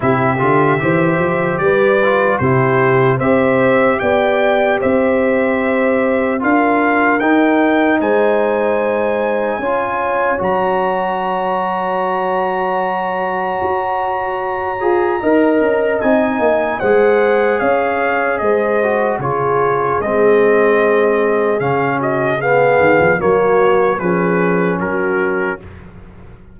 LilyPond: <<
  \new Staff \with { instrumentName = "trumpet" } { \time 4/4 \tempo 4 = 75 e''2 d''4 c''4 | e''4 g''4 e''2 | f''4 g''4 gis''2~ | gis''4 ais''2.~ |
ais''1 | gis''4 fis''4 f''4 dis''4 | cis''4 dis''2 f''8 dis''8 | f''4 cis''4 b'4 ais'4 | }
  \new Staff \with { instrumentName = "horn" } { \time 4/4 g'4 c''4 b'4 g'4 | c''4 d''4 c''2 | ais'2 c''2 | cis''1~ |
cis''2. dis''4~ | dis''4 c''4 cis''4 c''4 | gis'2.~ gis'8 fis'8 | gis'4 fis'4 gis'4 fis'4 | }
  \new Staff \with { instrumentName = "trombone" } { \time 4/4 e'8 f'8 g'4. f'8 e'4 | g'1 | f'4 dis'2. | f'4 fis'2.~ |
fis'2~ fis'8 gis'8 ais'4 | dis'4 gis'2~ gis'8 fis'8 | f'4 c'2 cis'4 | b4 ais4 cis'2 | }
  \new Staff \with { instrumentName = "tuba" } { \time 4/4 c8 d8 e8 f8 g4 c4 | c'4 b4 c'2 | d'4 dis'4 gis2 | cis'4 fis2.~ |
fis4 fis'4. f'8 dis'8 cis'8 | c'8 ais8 gis4 cis'4 gis4 | cis4 gis2 cis4~ | cis8 dis16 f16 fis4 f4 fis4 | }
>>